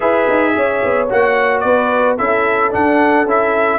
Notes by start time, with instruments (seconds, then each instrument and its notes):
0.00 tuba E4, trombone G#4, horn B4, trumpet E5
0.29 tuba D#4
0.55 tuba C#4, horn C#5
0.83 tuba B3
1.09 tuba A#3, trombone F#4, trumpet F#5
1.60 tuba B3, horn B4, trumpet D5
2.17 tuba C#4, trombone E4, horn A4, trumpet E5
2.70 trombone D4, tuba D4, trumpet F#5
3.25 tuba C#4, trombone E4, trumpet E5